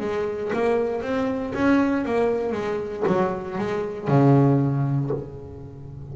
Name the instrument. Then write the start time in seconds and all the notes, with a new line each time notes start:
double bass
0.00 G#3
0.53 A#3
1.02 C4
1.55 C#4
2.05 A#3
2.52 G#3
3.07 F#3
3.59 G#3
4.08 C#3